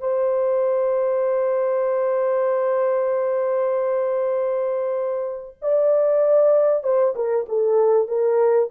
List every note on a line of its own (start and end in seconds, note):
0.00 5.57 C5
5.62 6.84 D5
6.84 7.14 C5
7.16 7.46 A#4
7.49 8.08 A4
8.08 8.70 A#4